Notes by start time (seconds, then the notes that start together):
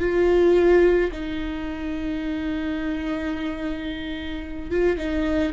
0.00 F4
1.12 D#4
4.71 F4
4.98 D#4